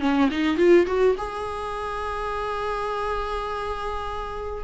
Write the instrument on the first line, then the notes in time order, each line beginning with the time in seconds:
viola
0.00 C#4
0.31 D#4
0.57 F4
0.87 F#4
1.18 G#4